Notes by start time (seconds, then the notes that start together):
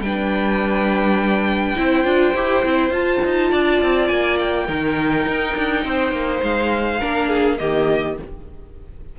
0.00 G3 D4 B4 G5
1.76 C4 E4 C5
2.04 D4 F4
2.34 E4 G4
2.64 C4 E4
2.90 F4 A5
3.25 D#4
3.51 D4 D5
3.82 C4
4.08 A#3 G#5
4.39 G5
4.66 D#3 D#4 A#4
5.26 D#4
5.57 D4
5.85 C4 C5
6.11 A#3
6.42 G#3 F5
7.00 A#3 D4 A#4
7.29 G#4
7.58 D#3 A#3 G4 D#5